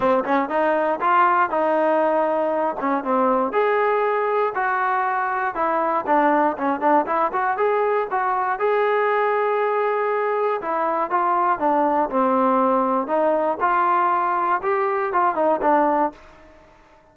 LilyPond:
\new Staff \with { instrumentName = "trombone" } { \time 4/4 \tempo 4 = 119 c'8 cis'8 dis'4 f'4 dis'4~ | dis'4. cis'8 c'4 gis'4~ | gis'4 fis'2 e'4 | d'4 cis'8 d'8 e'8 fis'8 gis'4 |
fis'4 gis'2.~ | gis'4 e'4 f'4 d'4 | c'2 dis'4 f'4~ | f'4 g'4 f'8 dis'8 d'4 | }